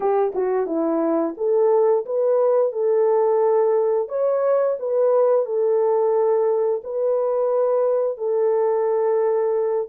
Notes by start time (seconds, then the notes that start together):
0.00 G4
0.34 F#4
0.66 E4
1.37 A4
2.05 B4
2.72 A4
4.08 C#5
4.79 B4
5.45 A4
6.83 B4
8.17 A4